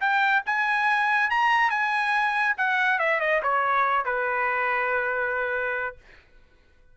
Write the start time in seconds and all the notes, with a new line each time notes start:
0.00 G5
0.46 G#5
1.30 A#5
1.70 G#5
2.57 F#5
2.99 E5
3.20 D#5
3.43 C#5
4.05 B4